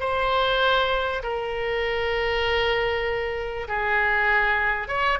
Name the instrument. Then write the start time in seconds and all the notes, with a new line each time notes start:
oboe
0.00 C5
1.23 A#4
3.68 G#4
4.88 C#5